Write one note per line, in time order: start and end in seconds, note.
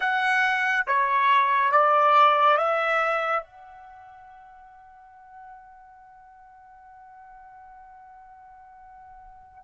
0.00 0.86 F#5
0.86 1.71 C#5
1.71 2.57 D5
2.57 3.43 E5
3.43 9.64 F#5